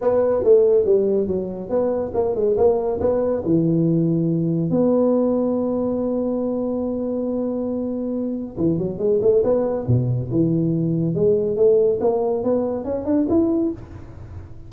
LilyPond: \new Staff \with { instrumentName = "tuba" } { \time 4/4 \tempo 4 = 140 b4 a4 g4 fis4 | b4 ais8 gis8 ais4 b4 | e2. b4~ | b1~ |
b1 | e8 fis8 gis8 a8 b4 b,4 | e2 gis4 a4 | ais4 b4 cis'8 d'8 e'4 | }